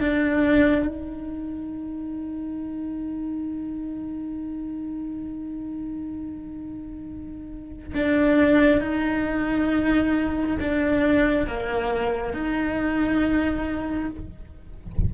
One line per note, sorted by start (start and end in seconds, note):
0.00 0.87 D4
0.87 7.93 D#4
7.94 8.80 D4
8.80 10.57 D#4
10.60 11.47 D4
11.47 12.33 A#3
12.33 14.10 D#4